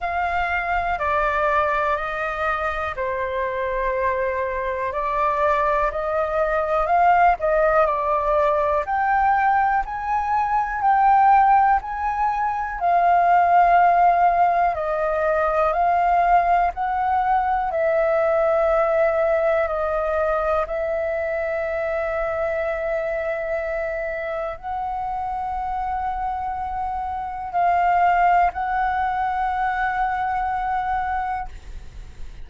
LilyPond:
\new Staff \with { instrumentName = "flute" } { \time 4/4 \tempo 4 = 61 f''4 d''4 dis''4 c''4~ | c''4 d''4 dis''4 f''8 dis''8 | d''4 g''4 gis''4 g''4 | gis''4 f''2 dis''4 |
f''4 fis''4 e''2 | dis''4 e''2.~ | e''4 fis''2. | f''4 fis''2. | }